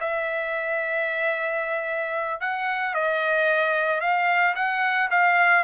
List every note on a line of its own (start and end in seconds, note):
0.00 2.41 E5
2.41 2.94 F#5
2.94 4.00 D#5
4.00 4.54 F5
4.55 5.09 F#5
5.10 5.64 F5